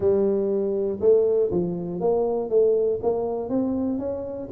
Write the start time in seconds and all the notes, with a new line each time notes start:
0.00 G3
1.00 A3
1.50 F3
2.00 A#3
2.49 A3
3.02 A#3
3.49 C4
3.98 C#4